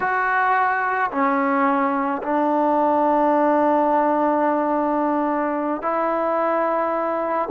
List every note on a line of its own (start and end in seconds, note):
0.00 1.11 F#4
1.11 2.22 C#4
2.22 5.82 D4
5.82 7.48 E4